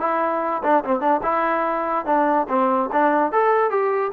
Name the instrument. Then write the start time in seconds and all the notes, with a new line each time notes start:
trombone
0.00 E4
0.63 D4
0.84 C4
1.00 D4
1.23 E4
2.06 D4
2.49 C4
2.92 D4
3.32 A4
3.70 G4